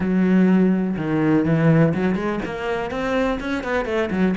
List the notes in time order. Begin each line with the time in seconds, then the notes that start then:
0.00 F#3
0.96 D#3
1.45 E3
1.94 F#3
2.15 G#3
2.45 A#3
2.91 C4
3.39 C#4
3.63 B3
3.85 A3
4.10 F#3